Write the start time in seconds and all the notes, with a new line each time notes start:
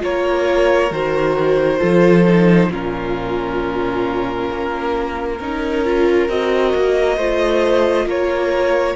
0.00 A#3 F4 A#4 C#5
0.91 D#3 F#4 C5
1.78 F3 F4 A4
2.28 D#4
2.70 A#2 C#4 F4 A#4
4.51 A#3
5.39 C#4 D#4 A#4
5.85 F4
6.29 C4 F#4 D#5
6.74 A#3
7.17 A3 F4 C5
8.06 A#3 A#4 C#5